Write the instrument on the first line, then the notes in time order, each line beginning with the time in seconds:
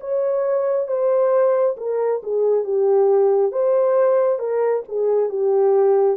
horn
0.00 C#5
0.87 C5
1.77 A#4
2.23 G#4
2.64 G4
3.52 C5
4.39 A#4
4.88 G#4
5.29 G4